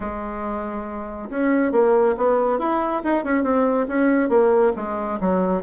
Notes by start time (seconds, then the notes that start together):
0.00 G#3
1.29 C#4
1.71 A#3
2.17 B3
2.58 E4
3.04 D#4
3.24 C#4
3.43 C4
3.87 C#4
4.29 A#3
4.75 G#3
5.20 F#3